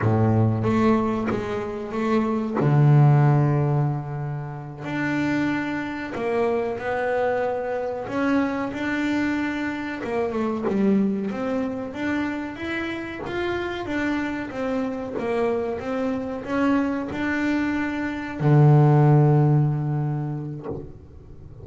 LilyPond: \new Staff \with { instrumentName = "double bass" } { \time 4/4 \tempo 4 = 93 a,4 a4 gis4 a4 | d2.~ d8 d'8~ | d'4. ais4 b4.~ | b8 cis'4 d'2 ais8 |
a8 g4 c'4 d'4 e'8~ | e'8 f'4 d'4 c'4 ais8~ | ais8 c'4 cis'4 d'4.~ | d'8 d2.~ d8 | }